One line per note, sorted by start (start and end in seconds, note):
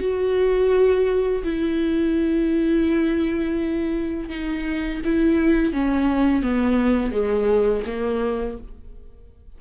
0.00 1.43 F#4
1.44 4.29 E4
4.30 5.01 D#4
5.05 5.73 E4
5.73 6.43 C#4
6.43 7.12 B3
7.12 7.83 G#3
7.86 8.58 A#3